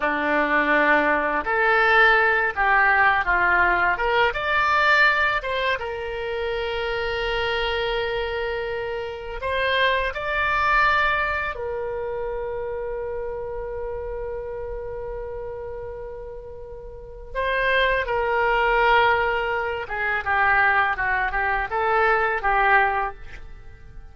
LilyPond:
\new Staff \with { instrumentName = "oboe" } { \time 4/4 \tempo 4 = 83 d'2 a'4. g'8~ | g'8 f'4 ais'8 d''4. c''8 | ais'1~ | ais'4 c''4 d''2 |
ais'1~ | ais'1 | c''4 ais'2~ ais'8 gis'8 | g'4 fis'8 g'8 a'4 g'4 | }